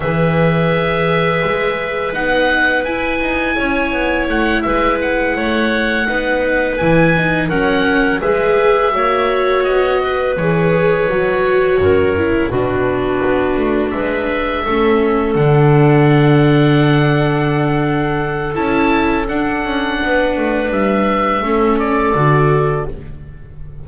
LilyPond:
<<
  \new Staff \with { instrumentName = "oboe" } { \time 4/4 \tempo 4 = 84 e''2. fis''4 | gis''2 fis''8 e''8 fis''4~ | fis''4. gis''4 fis''4 e''8~ | e''4. dis''4 cis''4.~ |
cis''4. b'2 e''8~ | e''4. fis''2~ fis''8~ | fis''2 a''4 fis''4~ | fis''4 e''4. d''4. | }
  \new Staff \with { instrumentName = "clarinet" } { \time 4/4 b'1~ | b'4 cis''4. b'4 cis''8~ | cis''8 b'2 ais'4 b'8~ | b'8 cis''4. b'2~ |
b'8 ais'4 fis'2 b'8~ | b'8 a'2.~ a'8~ | a'1 | b'2 a'2 | }
  \new Staff \with { instrumentName = "viola" } { \time 4/4 gis'2. dis'4 | e'1~ | e'8 dis'4 e'8 dis'8 cis'4 gis'8~ | gis'8 fis'2 gis'4 fis'8~ |
fis'4 e'8 d'2~ d'8~ | d'8 cis'4 d'2~ d'8~ | d'2 e'4 d'4~ | d'2 cis'4 fis'4 | }
  \new Staff \with { instrumentName = "double bass" } { \time 4/4 e2 gis4 b4 | e'8 dis'8 cis'8 b8 a8 gis4 a8~ | a8 b4 e4 fis4 gis8~ | gis8 ais4 b4 e4 fis8~ |
fis8 fis,4 b,4 b8 a8 gis8~ | gis8 a4 d2~ d8~ | d2 cis'4 d'8 cis'8 | b8 a8 g4 a4 d4 | }
>>